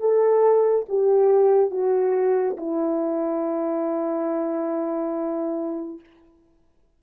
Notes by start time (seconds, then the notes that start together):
0.00 A4
0.89 G4
1.71 F#4
2.57 E4